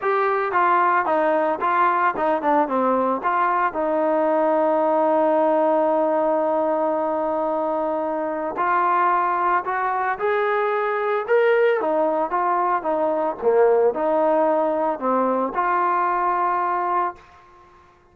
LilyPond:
\new Staff \with { instrumentName = "trombone" } { \time 4/4 \tempo 4 = 112 g'4 f'4 dis'4 f'4 | dis'8 d'8 c'4 f'4 dis'4~ | dis'1~ | dis'1 |
f'2 fis'4 gis'4~ | gis'4 ais'4 dis'4 f'4 | dis'4 ais4 dis'2 | c'4 f'2. | }